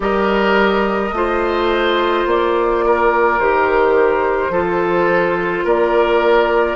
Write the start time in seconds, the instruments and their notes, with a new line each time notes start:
0.00 bassoon G3, clarinet G4, oboe A#4, flute D#5
1.11 bassoon A3, clarinet F4, oboe C5
2.26 bassoon A#3, flute D5
2.85 oboe A#4
3.39 bassoon D#3, clarinet G4, flute C5
4.49 bassoon F3, clarinet F4, oboe A4
5.64 bassoon A#3, oboe A#4, flute D5